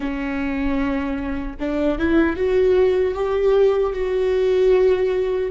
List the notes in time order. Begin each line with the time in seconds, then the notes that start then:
0.00 C#4
1.59 D4
1.98 E4
2.36 F#4
3.14 G4
3.93 F#4